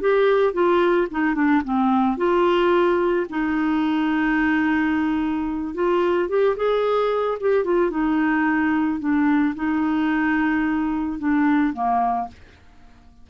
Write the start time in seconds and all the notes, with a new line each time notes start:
0.00 G4
0.53 F4
1.10 D#4
1.34 D4
1.64 C4
2.17 F4
3.29 D#4
5.74 F4
6.29 G4
6.56 G#4
7.40 G4
7.64 F4
7.90 D#4
9.00 D4
9.55 D#4
11.18 D4
11.73 A#3